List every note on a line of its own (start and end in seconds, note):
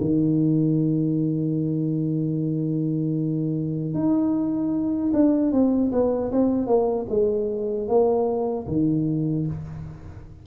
0.00 3.94 D#3
3.94 5.12 D#4
5.13 5.52 D4
5.52 5.91 C4
5.91 6.31 B3
6.32 6.66 C4
6.66 7.06 A#3
7.09 7.88 G#3
7.88 8.67 A#3
8.67 9.46 D#3